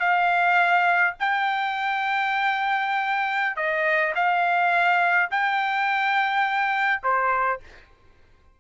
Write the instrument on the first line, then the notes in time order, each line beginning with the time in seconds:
trumpet
0.00 F5
1.20 G5
3.56 D#5
4.15 F5
5.31 G5
7.03 C5